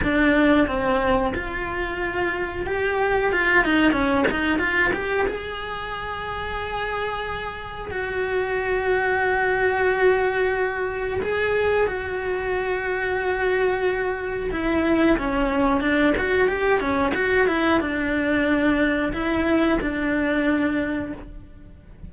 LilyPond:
\new Staff \with { instrumentName = "cello" } { \time 4/4 \tempo 4 = 91 d'4 c'4 f'2 | g'4 f'8 dis'8 cis'8 dis'8 f'8 g'8 | gis'1 | fis'1~ |
fis'4 gis'4 fis'2~ | fis'2 e'4 cis'4 | d'8 fis'8 g'8 cis'8 fis'8 e'8 d'4~ | d'4 e'4 d'2 | }